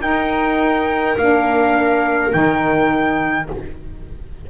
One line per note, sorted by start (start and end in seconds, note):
0.00 1.15 D#4
0.00 1.16 D#4
0.00 3.47 A#4
0.00 1.17 G5
1.18 2.33 A#3
1.18 2.31 D4
1.18 2.32 F5
2.31 3.50 D#3
2.31 3.46 D#4
2.31 3.48 G5